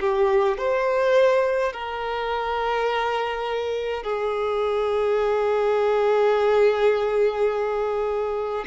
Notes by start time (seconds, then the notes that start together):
0.00 G4
0.58 C5
1.73 A#4
4.04 G#4